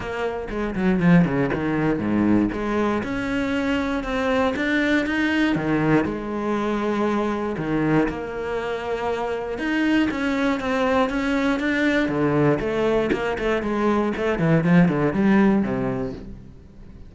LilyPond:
\new Staff \with { instrumentName = "cello" } { \time 4/4 \tempo 4 = 119 ais4 gis8 fis8 f8 cis8 dis4 | gis,4 gis4 cis'2 | c'4 d'4 dis'4 dis4 | gis2. dis4 |
ais2. dis'4 | cis'4 c'4 cis'4 d'4 | d4 a4 ais8 a8 gis4 | a8 e8 f8 d8 g4 c4 | }